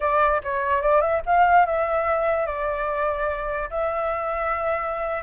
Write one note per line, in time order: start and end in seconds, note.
0.00 0.41 D5
0.43 0.81 C#5
0.81 1.01 D5
1.01 1.21 E5
1.26 1.66 F5
1.66 2.46 E5
2.46 3.69 D5
3.70 5.23 E5